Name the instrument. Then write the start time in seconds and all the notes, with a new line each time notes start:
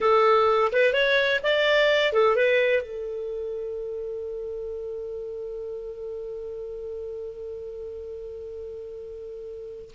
clarinet
0.00 A4
0.72 B4
0.93 C#5
1.43 D5
2.12 A4
2.36 B4
2.82 A4